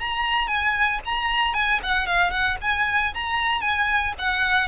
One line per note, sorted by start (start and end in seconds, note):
0.00 0.47 A#5
0.47 1.00 G#5
1.05 1.54 A#5
1.54 1.80 G#5
1.83 2.07 F#5
2.07 2.31 F5
2.31 2.57 F#5
2.62 3.14 G#5
3.14 3.61 A#5
3.61 4.13 G#5
4.19 4.68 F#5